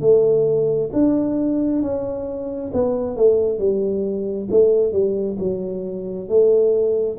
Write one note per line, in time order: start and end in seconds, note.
0.00 0.90 A3
0.92 1.82 D4
1.82 2.71 C#4
2.73 3.16 B3
3.16 3.59 A3
3.59 4.48 G3
4.51 4.92 A3
4.92 5.37 G3
5.39 6.28 F#3
6.28 7.18 A3